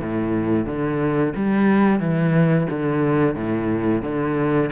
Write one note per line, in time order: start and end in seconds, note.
0.00 0.66 A2
0.66 1.33 D3
1.35 1.99 G3
1.99 2.67 E3
2.69 3.35 D3
3.35 4.02 A2
4.02 4.69 D3